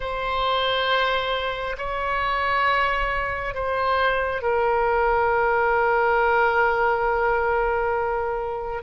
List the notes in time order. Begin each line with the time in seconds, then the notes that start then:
0.00 C5
1.77 C#5
3.54 C5
4.42 A#4